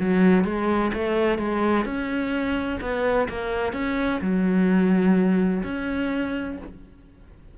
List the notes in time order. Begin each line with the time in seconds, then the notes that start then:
0.00 F#3
0.45 G#3
0.94 A3
1.39 G#3
1.86 C#4
2.81 B3
3.29 A#3
3.73 C#4
4.21 F#3
5.64 C#4